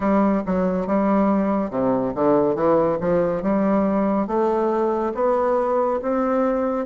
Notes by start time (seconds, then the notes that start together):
0.00 G3
0.46 F#3
0.86 G3
1.70 C3
2.14 D3
2.55 E3
3.00 F3
3.42 G3
4.27 A3
5.14 B3
6.02 C4